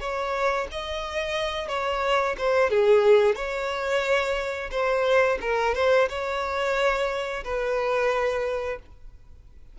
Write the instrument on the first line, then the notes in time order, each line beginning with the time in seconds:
violin
0.00 C#5
0.71 D#5
1.68 C#5
2.38 C5
2.70 G#4
3.36 C#5
4.71 C5
5.41 A#4
5.75 C5
6.09 C#5
7.44 B4